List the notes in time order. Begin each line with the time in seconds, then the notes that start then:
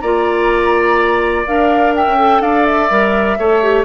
0.00 A#3 F4 D5 A#5
1.46 D4 A#4 F5
1.95 E5 G5
2.06 C#4
2.17 A4
2.40 D4 D5 F5
2.65 E5
2.90 G3 A#4
3.38 A3 A4 C#5
3.62 G4